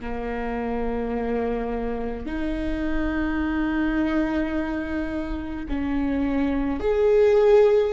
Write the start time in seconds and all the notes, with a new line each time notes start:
0.00 A#3
2.26 D#4
5.69 C#4
6.80 G#4